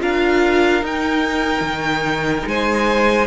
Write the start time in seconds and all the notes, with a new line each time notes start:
0.00 D4 F4 A#4 F5
0.81 D#4 G5
1.61 D#3
2.46 G#3 C5 G#5